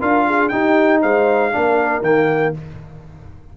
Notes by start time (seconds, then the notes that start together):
0.00 D4 F4 A#4 F5
0.26 G#4
0.49 D#4 G4 G5
1.01 G#3 C5 F5
1.52 A#3 D4 A#4
2.01 D#3 A#3 G5